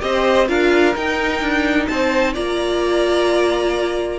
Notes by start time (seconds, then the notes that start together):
0.00 C4 G4 C5 D#5
0.47 D4 F4 A#4 F5
0.95 D#4 G5
1.41 D4
1.87 C4 C5 A5
2.33 A#3 F4 D5 A#5